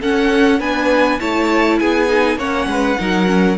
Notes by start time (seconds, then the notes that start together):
0.00 C#4 A4 F#5
0.59 B3 D4 B4 G#5
1.19 A3 E4 C#5 A5
1.78 B3 G#4 G#5
2.08 D#4
2.36 A#3 C#4 C#5 F#5
2.66 G#3 B4
2.98 F#3 D#4 A#4
3.26 C#4